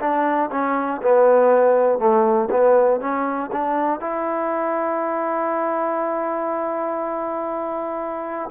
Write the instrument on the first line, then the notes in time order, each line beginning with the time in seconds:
trombone
0.00 D4
0.50 C#4
1.02 B3
1.99 A3
2.50 B3
3.00 C#4
3.52 D4
4.00 E4